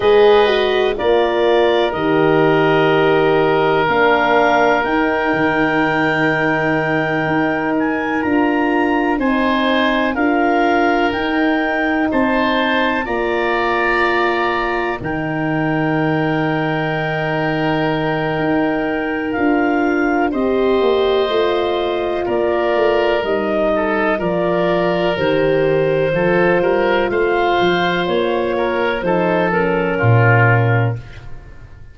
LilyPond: <<
  \new Staff \with { instrumentName = "clarinet" } { \time 4/4 \tempo 4 = 62 dis''4 d''4 dis''2 | f''4 g''2. | gis''8 ais''4 gis''4 f''4 g''8~ | g''8 a''4 ais''2 g''8~ |
g''1 | f''4 dis''2 d''4 | dis''4 d''4 c''2 | f''4 cis''4 c''8 ais'4. | }
  \new Staff \with { instrumentName = "oboe" } { \time 4/4 b'4 ais'2.~ | ais'1~ | ais'4. c''4 ais'4.~ | ais'8 c''4 d''2 ais'8~ |
ais'1~ | ais'4 c''2 ais'4~ | ais'8 a'8 ais'2 a'8 ais'8 | c''4. ais'8 a'4 f'4 | }
  \new Staff \with { instrumentName = "horn" } { \time 4/4 gis'8 fis'8 f'4 g'2 | d'4 dis'2.~ | dis'8 f'4 dis'4 f'4 dis'8~ | dis'4. f'2 dis'8~ |
dis'1 | f'4 g'4 f'2 | dis'4 f'4 g'4 f'4~ | f'2 dis'8 cis'4. | }
  \new Staff \with { instrumentName = "tuba" } { \time 4/4 gis4 ais4 dis2 | ais4 dis'8 dis2 dis'8~ | dis'8 d'4 c'4 d'4 dis'8~ | dis'8 c'4 ais2 dis8~ |
dis2. dis'4 | d'4 c'8 ais8 a4 ais8 a8 | g4 f4 dis4 f8 g8 | a8 f8 ais4 f4 ais,4 | }
>>